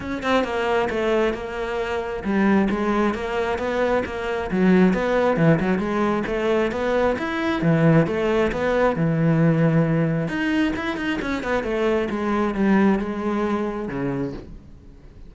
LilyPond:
\new Staff \with { instrumentName = "cello" } { \time 4/4 \tempo 4 = 134 cis'8 c'8 ais4 a4 ais4~ | ais4 g4 gis4 ais4 | b4 ais4 fis4 b4 | e8 fis8 gis4 a4 b4 |
e'4 e4 a4 b4 | e2. dis'4 | e'8 dis'8 cis'8 b8 a4 gis4 | g4 gis2 cis4 | }